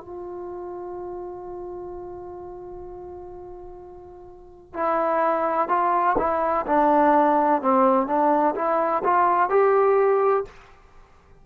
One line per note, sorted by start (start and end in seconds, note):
0.00 4.74 F4
4.74 5.68 E4
5.68 6.16 F4
6.18 6.65 E4
6.66 7.61 D4
7.61 8.06 C4
8.06 8.54 D4
8.55 9.03 E4
9.04 9.49 F4
9.49 10.45 G4